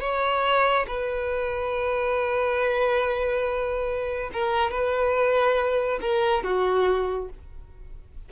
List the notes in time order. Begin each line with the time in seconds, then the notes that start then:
0.00 C#5
0.87 B4
4.33 A#4
4.71 B4
6.01 A#4
6.43 F#4